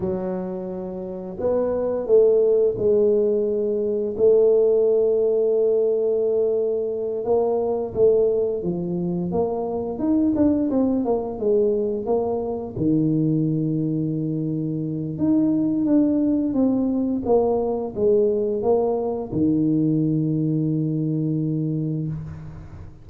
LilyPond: \new Staff \with { instrumentName = "tuba" } { \time 4/4 \tempo 4 = 87 fis2 b4 a4 | gis2 a2~ | a2~ a8 ais4 a8~ | a8 f4 ais4 dis'8 d'8 c'8 |
ais8 gis4 ais4 dis4.~ | dis2 dis'4 d'4 | c'4 ais4 gis4 ais4 | dis1 | }